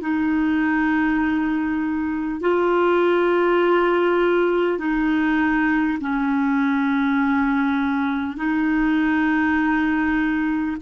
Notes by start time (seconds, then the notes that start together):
0.00 D#4
2.40 F4
4.78 D#4
6.01 C#4
8.37 D#4